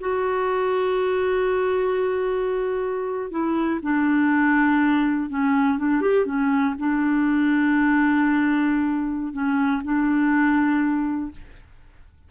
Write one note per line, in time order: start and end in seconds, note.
0.00 3.31 F#4
3.31 3.80 E4
3.82 5.30 D4
5.30 5.78 C#4
5.78 6.02 D4
6.02 6.26 G4
6.26 6.75 C#4
6.79 9.33 D4
9.33 9.82 C#4
9.84 11.31 D4